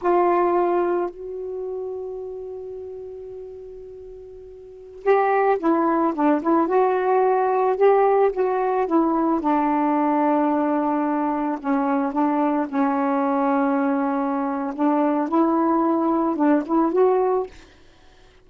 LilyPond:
\new Staff \with { instrumentName = "saxophone" } { \time 4/4 \tempo 4 = 110 f'2 fis'2~ | fis'1~ | fis'4~ fis'16 g'4 e'4 d'8 e'16~ | e'16 fis'2 g'4 fis'8.~ |
fis'16 e'4 d'2~ d'8.~ | d'4~ d'16 cis'4 d'4 cis'8.~ | cis'2. d'4 | e'2 d'8 e'8 fis'4 | }